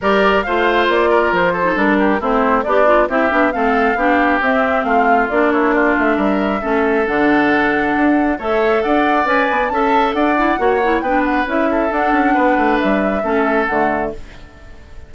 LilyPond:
<<
  \new Staff \with { instrumentName = "flute" } { \time 4/4 \tempo 4 = 136 d''4 f''4 d''4 c''4 | ais'4 c''4 d''4 e''4 | f''2 e''4 f''4 | d''8 cis''8 d''8 e''2~ e''8 |
fis''2. e''4 | fis''4 gis''4 a''4 fis''4~ | fis''4 g''8 fis''8 e''4 fis''4~ | fis''4 e''2 fis''4 | }
  \new Staff \with { instrumentName = "oboe" } { \time 4/4 ais'4 c''4. ais'4 a'8~ | a'8 g'8 e'4 d'4 g'4 | a'4 g'2 f'4~ | f'8 e'8 f'4 ais'4 a'4~ |
a'2. cis''4 | d''2 e''4 d''4 | cis''4 b'4. a'4. | b'2 a'2 | }
  \new Staff \with { instrumentName = "clarinet" } { \time 4/4 g'4 f'2~ f'8. dis'16 | d'4 c'4 g'8 f'8 e'8 d'8 | c'4 d'4 c'2 | d'2. cis'4 |
d'2. a'4~ | a'4 b'4 a'4. e'8 | fis'8 e'8 d'4 e'4 d'4~ | d'2 cis'4 a4 | }
  \new Staff \with { instrumentName = "bassoon" } { \time 4/4 g4 a4 ais4 f4 | g4 a4 b4 c'8 b8 | a4 b4 c'4 a4 | ais4. a8 g4 a4 |
d2 d'4 a4 | d'4 cis'8 b8 cis'4 d'4 | ais4 b4 cis'4 d'8 cis'8 | b8 a8 g4 a4 d4 | }
>>